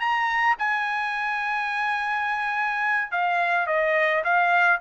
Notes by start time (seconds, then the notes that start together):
0.00 A#5
0.59 G#5
3.12 F5
3.67 D#5
4.24 F5